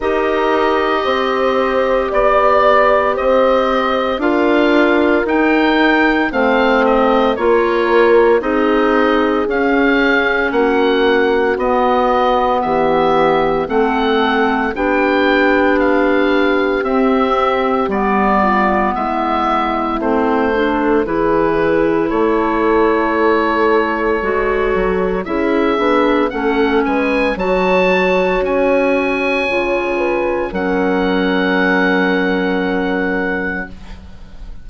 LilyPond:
<<
  \new Staff \with { instrumentName = "oboe" } { \time 4/4 \tempo 4 = 57 dis''2 d''4 dis''4 | f''4 g''4 f''8 dis''8 cis''4 | dis''4 f''4 fis''4 dis''4 | e''4 fis''4 g''4 f''4 |
e''4 d''4 e''4 c''4 | b'4 cis''2. | e''4 fis''8 gis''8 a''4 gis''4~ | gis''4 fis''2. | }
  \new Staff \with { instrumentName = "horn" } { \time 4/4 ais'4 c''4 d''4 c''4 | ais'2 c''4 ais'4 | gis'2 fis'2 | g'4 a'4 g'2~ |
g'4. f'8 e'4. a'8 | gis'4 a'2. | gis'4 a'8 b'8 cis''2~ | cis''8 b'8 ais'2. | }
  \new Staff \with { instrumentName = "clarinet" } { \time 4/4 g'1 | f'4 dis'4 c'4 f'4 | dis'4 cis'2 b4~ | b4 c'4 d'2 |
c'4 b2 c'8 d'8 | e'2. fis'4 | e'8 d'8 cis'4 fis'2 | f'4 cis'2. | }
  \new Staff \with { instrumentName = "bassoon" } { \time 4/4 dis'4 c'4 b4 c'4 | d'4 dis'4 a4 ais4 | c'4 cis'4 ais4 b4 | e4 a4 b2 |
c'4 g4 gis4 a4 | e4 a2 gis8 fis8 | cis'8 b8 a8 gis8 fis4 cis'4 | cis4 fis2. | }
>>